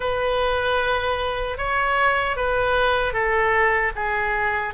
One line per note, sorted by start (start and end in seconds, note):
0.00 1.57 B4
1.57 2.36 C#5
2.36 3.13 B4
3.13 3.92 A4
3.95 4.74 G#4